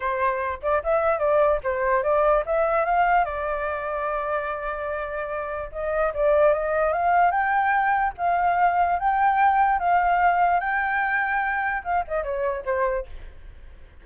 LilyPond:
\new Staff \with { instrumentName = "flute" } { \time 4/4 \tempo 4 = 147 c''4. d''8 e''4 d''4 | c''4 d''4 e''4 f''4 | d''1~ | d''2 dis''4 d''4 |
dis''4 f''4 g''2 | f''2 g''2 | f''2 g''2~ | g''4 f''8 dis''8 cis''4 c''4 | }